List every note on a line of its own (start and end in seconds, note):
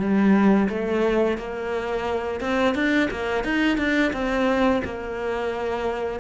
0.00 0.69 G3
0.70 1.38 A3
1.38 2.41 A#3
2.41 2.75 C4
2.75 3.10 D4
3.11 3.44 A#3
3.44 3.78 D#4
3.78 4.13 D4
4.13 4.82 C4
4.85 6.20 A#3